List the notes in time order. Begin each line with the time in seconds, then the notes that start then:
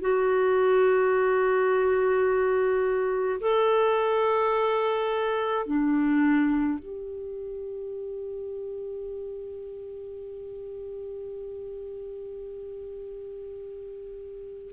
0.00 F#4
3.40 A4
5.66 D4
6.79 G4